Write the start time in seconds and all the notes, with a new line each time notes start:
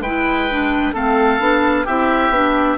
0.00 G#3 E4 B4 G5
0.50 D4
0.93 A3 C4 A4 F5
1.39 B3 D4
1.85 C4 E4 G4 E5
2.29 B3 D4